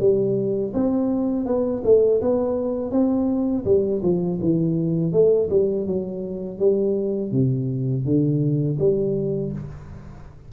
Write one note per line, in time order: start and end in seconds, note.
0.00 0.73 G3
0.74 1.46 C4
1.46 1.83 B3
1.85 2.21 A3
2.22 2.92 B3
2.92 3.65 C4
3.65 4.02 G3
4.03 4.39 F3
4.41 5.13 E3
5.13 5.49 A3
5.50 5.87 G3
5.87 6.59 F#3
6.59 7.32 G3
7.32 8.05 C3
8.05 8.78 D3
8.79 9.52 G3